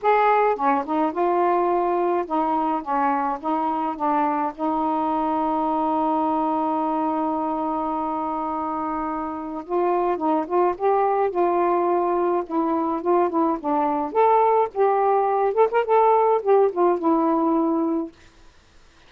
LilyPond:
\new Staff \with { instrumentName = "saxophone" } { \time 4/4 \tempo 4 = 106 gis'4 cis'8 dis'8 f'2 | dis'4 cis'4 dis'4 d'4 | dis'1~ | dis'1~ |
dis'4 f'4 dis'8 f'8 g'4 | f'2 e'4 f'8 e'8 | d'4 a'4 g'4. a'16 ais'16 | a'4 g'8 f'8 e'2 | }